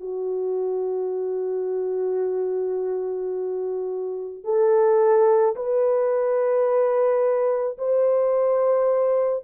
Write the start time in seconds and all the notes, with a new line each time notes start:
0.00 F#4
4.44 A4
5.56 B4
7.78 C5